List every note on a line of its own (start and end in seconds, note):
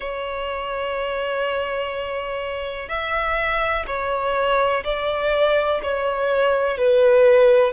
0.00 2.89 C#5
2.89 3.85 E5
3.87 4.83 C#5
4.84 5.81 D5
5.82 6.77 C#5
6.77 7.72 B4